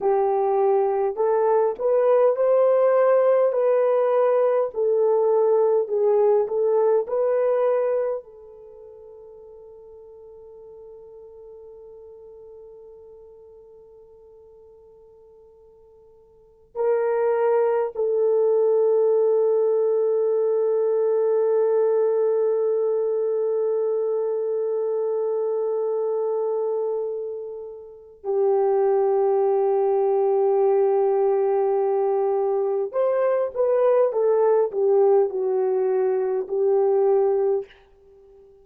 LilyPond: \new Staff \with { instrumentName = "horn" } { \time 4/4 \tempo 4 = 51 g'4 a'8 b'8 c''4 b'4 | a'4 gis'8 a'8 b'4 a'4~ | a'1~ | a'2~ a'16 ais'4 a'8.~ |
a'1~ | a'1 | g'1 | c''8 b'8 a'8 g'8 fis'4 g'4 | }